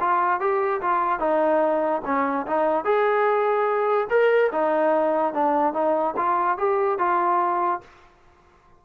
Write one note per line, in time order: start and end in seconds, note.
0.00 0.40 F4
0.40 0.81 G4
0.81 1.20 F4
1.20 2.02 D#4
2.05 2.46 C#4
2.47 2.84 D#4
2.84 4.08 G#4
4.10 4.51 A#4
4.52 5.34 D#4
5.34 5.73 D4
5.73 6.15 D#4
6.17 6.58 F4
6.58 6.99 G4
6.99 7.81 F4